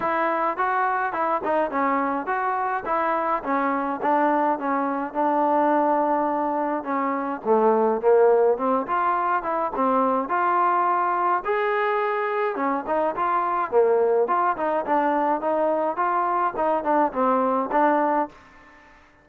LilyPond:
\new Staff \with { instrumentName = "trombone" } { \time 4/4 \tempo 4 = 105 e'4 fis'4 e'8 dis'8 cis'4 | fis'4 e'4 cis'4 d'4 | cis'4 d'2. | cis'4 a4 ais4 c'8 f'8~ |
f'8 e'8 c'4 f'2 | gis'2 cis'8 dis'8 f'4 | ais4 f'8 dis'8 d'4 dis'4 | f'4 dis'8 d'8 c'4 d'4 | }